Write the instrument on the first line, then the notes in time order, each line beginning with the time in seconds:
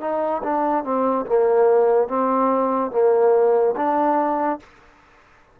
trombone
0.00 D#4
0.43 D4
0.84 C4
1.26 A#3
2.08 C4
2.91 A#3
3.76 D4